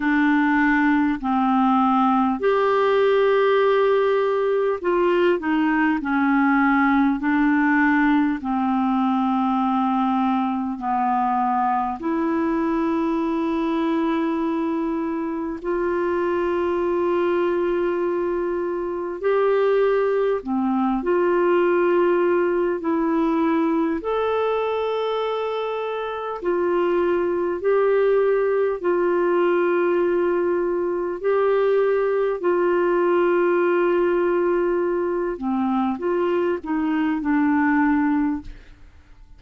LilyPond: \new Staff \with { instrumentName = "clarinet" } { \time 4/4 \tempo 4 = 50 d'4 c'4 g'2 | f'8 dis'8 cis'4 d'4 c'4~ | c'4 b4 e'2~ | e'4 f'2. |
g'4 c'8 f'4. e'4 | a'2 f'4 g'4 | f'2 g'4 f'4~ | f'4. c'8 f'8 dis'8 d'4 | }